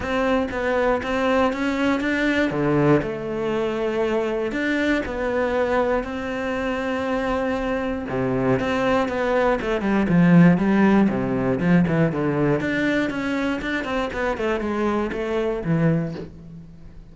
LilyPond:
\new Staff \with { instrumentName = "cello" } { \time 4/4 \tempo 4 = 119 c'4 b4 c'4 cis'4 | d'4 d4 a2~ | a4 d'4 b2 | c'1 |
c4 c'4 b4 a8 g8 | f4 g4 c4 f8 e8 | d4 d'4 cis'4 d'8 c'8 | b8 a8 gis4 a4 e4 | }